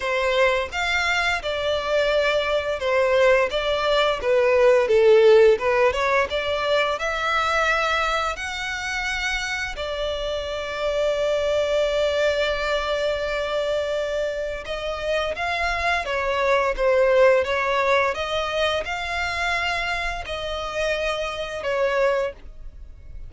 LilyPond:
\new Staff \with { instrumentName = "violin" } { \time 4/4 \tempo 4 = 86 c''4 f''4 d''2 | c''4 d''4 b'4 a'4 | b'8 cis''8 d''4 e''2 | fis''2 d''2~ |
d''1~ | d''4 dis''4 f''4 cis''4 | c''4 cis''4 dis''4 f''4~ | f''4 dis''2 cis''4 | }